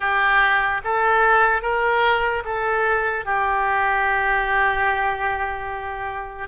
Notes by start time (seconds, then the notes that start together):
0.00 G4
0.83 A4
1.62 A#4
2.44 A4
3.25 G4